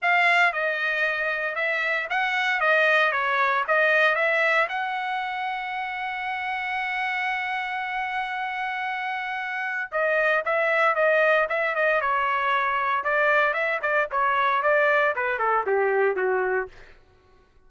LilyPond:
\new Staff \with { instrumentName = "trumpet" } { \time 4/4 \tempo 4 = 115 f''4 dis''2 e''4 | fis''4 dis''4 cis''4 dis''4 | e''4 fis''2.~ | fis''1~ |
fis''2. dis''4 | e''4 dis''4 e''8 dis''8 cis''4~ | cis''4 d''4 e''8 d''8 cis''4 | d''4 b'8 a'8 g'4 fis'4 | }